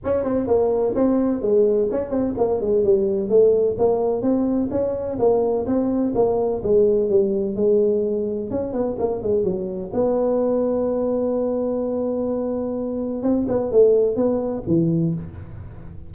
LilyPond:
\new Staff \with { instrumentName = "tuba" } { \time 4/4 \tempo 4 = 127 cis'8 c'8 ais4 c'4 gis4 | cis'8 c'8 ais8 gis8 g4 a4 | ais4 c'4 cis'4 ais4 | c'4 ais4 gis4 g4 |
gis2 cis'8 b8 ais8 gis8 | fis4 b2.~ | b1 | c'8 b8 a4 b4 e4 | }